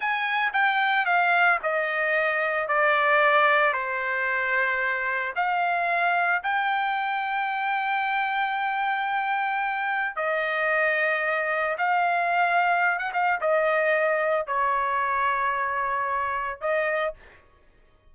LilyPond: \new Staff \with { instrumentName = "trumpet" } { \time 4/4 \tempo 4 = 112 gis''4 g''4 f''4 dis''4~ | dis''4 d''2 c''4~ | c''2 f''2 | g''1~ |
g''2. dis''4~ | dis''2 f''2~ | f''16 fis''16 f''8 dis''2 cis''4~ | cis''2. dis''4 | }